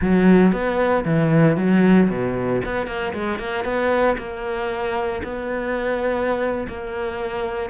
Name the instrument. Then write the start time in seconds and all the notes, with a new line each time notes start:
cello
0.01 F#3
0.52 B3
1.04 E3
1.57 F#3
2.09 B2
2.65 B3
2.86 A#3
3.13 G#3
3.39 A#3
3.64 B3
4.17 A#3
5.23 B3
6.68 A#3